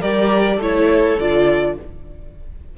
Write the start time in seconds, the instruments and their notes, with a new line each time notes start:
0.00 cello G3, viola G4, violin A#4 D5
0.56 cello A3, viola E4, violin A4 C#5
1.19 cello D3, viola F4, violin D5